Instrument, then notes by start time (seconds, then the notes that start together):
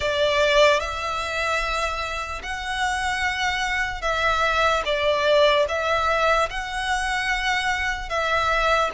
violin
0.00 D5
0.80 E5
2.43 F#5
4.01 E5
4.85 D5
5.68 E5
6.49 F#5
8.09 E5